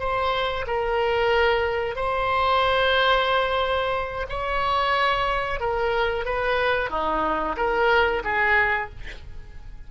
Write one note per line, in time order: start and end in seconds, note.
0.00 0.66 C5
0.67 1.96 A#4
1.96 4.26 C5
4.29 5.60 C#5
5.60 6.25 A#4
6.25 6.90 B4
6.90 7.56 D#4
7.57 8.23 A#4
8.24 8.90 G#4